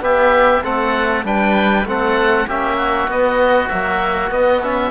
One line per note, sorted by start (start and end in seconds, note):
0.00 0.61 B3
0.00 0.63 B3
0.00 0.64 G4
0.00 0.64 E5
0.63 1.24 A3
0.63 1.24 C4
0.63 1.25 A4
0.63 1.25 F#5
1.24 1.85 G3
1.24 1.85 D4
1.24 1.87 B4
1.24 1.87 G5
1.85 2.46 A3
1.85 2.48 C4
1.85 2.47 A4
1.85 2.49 F#5
2.47 3.08 A#3
2.47 3.09 C#4
2.47 2.77 G4
2.47 3.10 E5
2.77 4.90 F#4
3.08 3.69 B3
3.08 3.70 B3
3.08 3.69 D#5
3.69 4.30 F#3
3.69 4.31 A#3
3.69 4.30 E5
4.30 4.61 B3
4.30 4.90 B3
4.30 4.61 D#5
4.62 4.90 C#4
4.62 4.90 E5